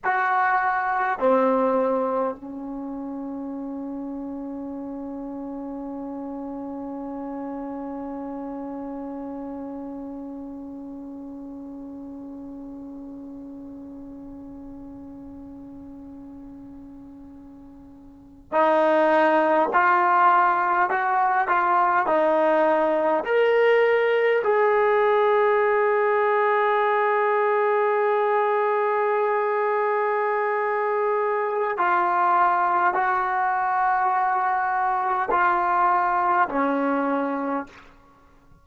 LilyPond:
\new Staff \with { instrumentName = "trombone" } { \time 4/4 \tempo 4 = 51 fis'4 c'4 cis'2~ | cis'1~ | cis'1~ | cis'2.~ cis'8. dis'16~ |
dis'8. f'4 fis'8 f'8 dis'4 ais'16~ | ais'8. gis'2.~ gis'16~ | gis'2. f'4 | fis'2 f'4 cis'4 | }